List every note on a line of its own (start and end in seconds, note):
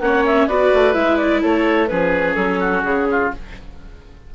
0.00 0.47 A#3
0.00 0.49 C#4
0.00 0.47 C#5
0.00 0.24 F#5
0.25 0.47 E5
0.47 0.71 B3
0.47 0.93 F#4
0.47 1.42 B4
0.47 0.93 D5
0.73 0.95 A3
0.93 1.43 G#3
0.93 1.87 E4
0.93 1.17 E5
1.17 1.40 D5
1.42 1.90 A3
1.42 1.89 A4
1.42 1.87 C#5
1.87 2.36 F3
1.87 3.32 C#4
1.87 2.59 G#4
1.87 2.34 B4
2.34 2.83 F#3
2.34 2.81 A4
2.59 3.07 F#4
2.83 3.30 C#3
2.83 3.30 G#4
3.11 3.34 F4